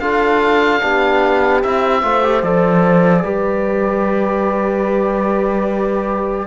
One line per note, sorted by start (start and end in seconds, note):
0.00 0.81 D4
0.00 0.81 F4
0.00 0.82 A4
0.00 1.62 F5
0.81 1.64 B3
0.81 1.62 D4
0.81 2.04 G4
1.63 2.03 C4
1.63 2.04 E4
1.63 2.43 E5
2.03 2.43 A3
2.03 2.23 F4
2.03 3.24 C5
2.23 2.44 G4
2.43 3.24 F3
2.43 3.24 A4
2.43 6.48 D5
3.24 6.48 G3
3.24 6.48 G4
3.24 6.48 B4